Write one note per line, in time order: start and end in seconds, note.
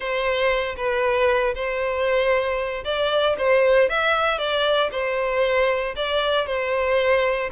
0.00 0.75 C5
0.76 1.54 B4
1.54 2.84 C5
2.84 3.36 D5
3.38 3.89 C5
3.89 4.38 E5
4.38 4.90 D5
4.91 5.95 C5
5.96 6.46 D5
6.46 7.50 C5